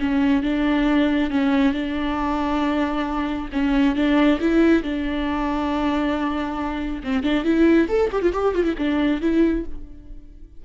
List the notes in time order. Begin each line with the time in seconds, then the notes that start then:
0.00 C#4
0.43 D4
1.31 C#4
1.74 D4
3.53 C#4
3.96 D4
4.41 E4
4.83 D4
7.04 C4
7.23 D4
7.44 E4
7.89 A4
8.12 G4
8.22 F4
8.33 G4
8.55 F4
8.64 E4
8.78 D4
9.21 E4